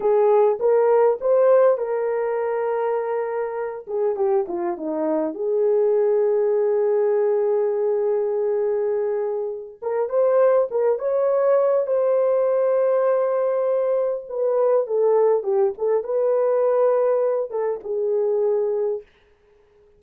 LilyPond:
\new Staff \with { instrumentName = "horn" } { \time 4/4 \tempo 4 = 101 gis'4 ais'4 c''4 ais'4~ | ais'2~ ais'8 gis'8 g'8 f'8 | dis'4 gis'2.~ | gis'1~ |
gis'8 ais'8 c''4 ais'8 cis''4. | c''1 | b'4 a'4 g'8 a'8 b'4~ | b'4. a'8 gis'2 | }